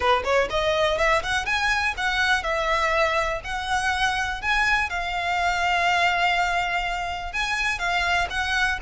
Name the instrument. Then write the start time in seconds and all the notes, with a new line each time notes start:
violin
0.00 B4
0.24 C#5
0.50 D#5
0.98 E5
1.22 F#5
1.45 G#5
1.97 F#5
2.43 E5
3.44 F#5
4.41 G#5
4.89 F5
7.33 G#5
7.78 F5
8.29 F#5